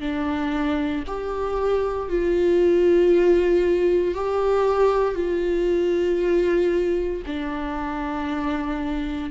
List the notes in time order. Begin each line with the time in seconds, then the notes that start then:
0.00 D4
1.07 G4
2.09 F4
4.14 G4
5.15 F4
7.26 D4